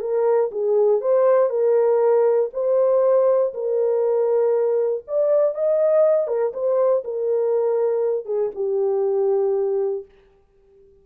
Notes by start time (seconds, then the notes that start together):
0.00 A#4
0.51 G#4
1.00 C5
1.49 A#4
2.53 C5
3.53 A#4
5.07 D5
5.54 D#5
6.27 A#4
6.53 C5
7.04 A#4
8.25 G#4
8.55 G4